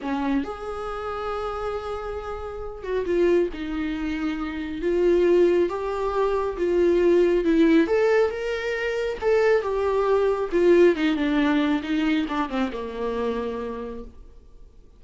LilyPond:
\new Staff \with { instrumentName = "viola" } { \time 4/4 \tempo 4 = 137 cis'4 gis'2.~ | gis'2~ gis'8 fis'8 f'4 | dis'2. f'4~ | f'4 g'2 f'4~ |
f'4 e'4 a'4 ais'4~ | ais'4 a'4 g'2 | f'4 dis'8 d'4. dis'4 | d'8 c'8 ais2. | }